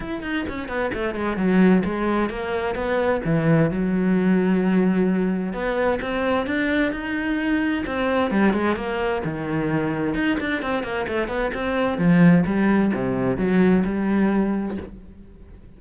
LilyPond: \new Staff \with { instrumentName = "cello" } { \time 4/4 \tempo 4 = 130 e'8 dis'8 cis'8 b8 a8 gis8 fis4 | gis4 ais4 b4 e4 | fis1 | b4 c'4 d'4 dis'4~ |
dis'4 c'4 g8 gis8 ais4 | dis2 dis'8 d'8 c'8 ais8 | a8 b8 c'4 f4 g4 | c4 fis4 g2 | }